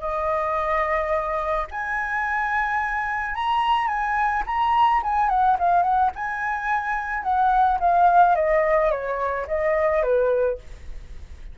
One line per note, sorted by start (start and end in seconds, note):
0.00 1.67 D#5
1.71 3.35 G#5
3.35 3.87 A#5
3.87 4.43 G#5
4.46 5.02 A#5
5.03 5.29 G#5
5.29 5.57 F#5
5.59 5.83 F5
5.83 6.10 F#5
6.15 7.23 G#5
7.23 7.79 F#5
7.80 8.35 F5
8.35 8.91 D#5
8.91 9.46 C#5
9.47 10.03 D#5
10.03 10.58 B4